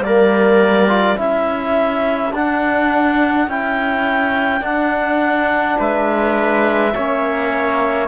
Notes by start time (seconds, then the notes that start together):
0.00 G3 A#3 D5
0.06 A#4
0.89 F4
1.16 C#4 E4 A4 E5
2.34 D4 F#5
3.48 C#4 E4 G5
4.61 D4 F#5
5.79 G#3 B4 E5
6.95 A#3 C#4 C#5